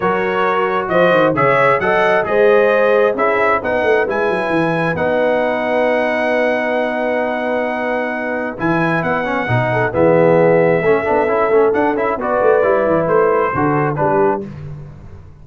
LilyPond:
<<
  \new Staff \with { instrumentName = "trumpet" } { \time 4/4 \tempo 4 = 133 cis''2 dis''4 e''4 | fis''4 dis''2 e''4 | fis''4 gis''2 fis''4~ | fis''1~ |
fis''2. gis''4 | fis''2 e''2~ | e''2 fis''8 e''8 d''4~ | d''4 c''2 b'4 | }
  \new Staff \with { instrumentName = "horn" } { \time 4/4 ais'2 c''4 cis''4 | dis''4 c''2 gis'4 | b'1~ | b'1~ |
b'1~ | b'4. a'8 gis'2 | a'2. b'4~ | b'2 a'4 g'4 | }
  \new Staff \with { instrumentName = "trombone" } { \time 4/4 fis'2. gis'4 | a'4 gis'2 e'4 | dis'4 e'2 dis'4~ | dis'1~ |
dis'2. e'4~ | e'8 cis'8 dis'4 b2 | cis'8 d'8 e'8 cis'8 d'8 e'8 fis'4 | e'2 fis'4 d'4 | }
  \new Staff \with { instrumentName = "tuba" } { \time 4/4 fis2 f8 dis8 cis4 | fis4 gis2 cis'4 | b8 a8 gis8 fis8 e4 b4~ | b1~ |
b2. e4 | b4 b,4 e2 | a8 b8 cis'8 a8 d'8 cis'8 b8 a8 | g8 e8 a4 d4 g4 | }
>>